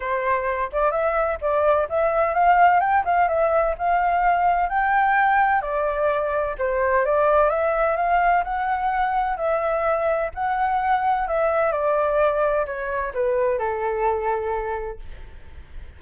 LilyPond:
\new Staff \with { instrumentName = "flute" } { \time 4/4 \tempo 4 = 128 c''4. d''8 e''4 d''4 | e''4 f''4 g''8 f''8 e''4 | f''2 g''2 | d''2 c''4 d''4 |
e''4 f''4 fis''2 | e''2 fis''2 | e''4 d''2 cis''4 | b'4 a'2. | }